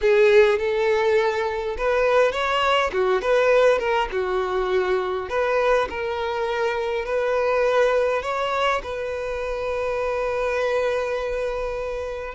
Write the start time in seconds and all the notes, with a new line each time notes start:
0.01 G#4
0.59 A4
1.77 B4
2.32 C#5
2.93 F#4
3.21 B4
3.78 A#4
4.11 F#4
5.29 B4
5.89 A#4
7.05 B4
8.22 C#5
8.83 B4